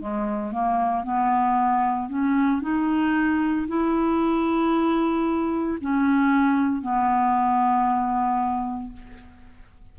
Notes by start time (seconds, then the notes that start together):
0.00 G#3
0.52 A#3
1.04 B3
2.10 C#4
2.62 D#4
3.68 E4
5.81 C#4
6.82 B3